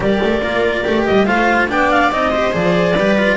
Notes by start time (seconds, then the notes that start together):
0.00 G3 G4 A#4 D5
0.23 A3
0.41 A#3 F4
0.84 A3 G4
1.05 G3 D#5
1.25 A3 F4 C5 F5
1.68 B3 D4 D5 G5
1.90 F5
2.11 C4 D#4 D#5
2.30 G4 C5
2.52 F3 G#4 D5
2.93 G3 G4 B4
3.18 F4